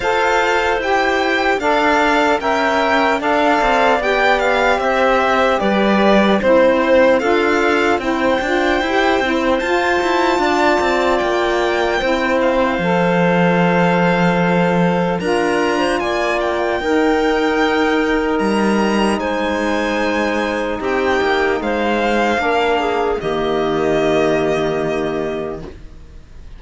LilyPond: <<
  \new Staff \with { instrumentName = "violin" } { \time 4/4 \tempo 4 = 75 f''4 g''4 f''4 g''4 | f''4 g''8 f''8 e''4 d''4 | c''4 f''4 g''2 | a''2 g''4. f''8~ |
f''2. ais''4 | gis''8 g''2~ g''8 ais''4 | gis''2 g''4 f''4~ | f''4 dis''2. | }
  \new Staff \with { instrumentName = "clarinet" } { \time 4/4 c''2 d''4 e''4 | d''2 c''4 b'4 | c''4 a'4 c''2~ | c''4 d''2 c''4~ |
c''2. ais'8. c''16 | d''4 ais'2. | c''2 g'4 c''4 | ais'8 gis'8 g'2. | }
  \new Staff \with { instrumentName = "saxophone" } { \time 4/4 a'4 g'4 a'4 ais'4 | a'4 g'2. | e'4 f'4 e'8 f'8 g'8 e'8 | f'2. e'4 |
a'2. f'4~ | f'4 dis'2.~ | dis'1 | d'4 ais2. | }
  \new Staff \with { instrumentName = "cello" } { \time 4/4 f'4 e'4 d'4 cis'4 | d'8 c'8 b4 c'4 g4 | c'4 d'4 c'8 d'8 e'8 c'8 | f'8 e'8 d'8 c'8 ais4 c'4 |
f2. d'4 | ais4 dis'2 g4 | gis2 c'8 ais8 gis4 | ais4 dis2. | }
>>